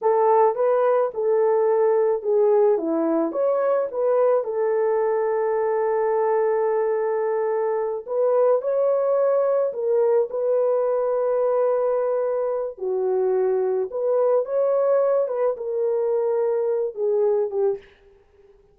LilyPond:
\new Staff \with { instrumentName = "horn" } { \time 4/4 \tempo 4 = 108 a'4 b'4 a'2 | gis'4 e'4 cis''4 b'4 | a'1~ | a'2~ a'8 b'4 cis''8~ |
cis''4. ais'4 b'4.~ | b'2. fis'4~ | fis'4 b'4 cis''4. b'8 | ais'2~ ais'8 gis'4 g'8 | }